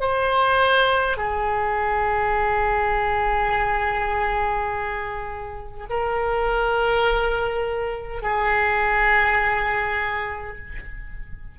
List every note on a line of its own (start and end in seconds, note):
0.00 1.17 C5
1.17 5.88 G#4
5.89 8.22 A#4
8.22 10.57 G#4